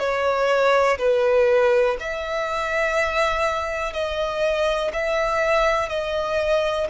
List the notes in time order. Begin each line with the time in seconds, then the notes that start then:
0.00 C#5
0.99 B4
2.00 E5
3.94 D#5
4.94 E5
5.89 D#5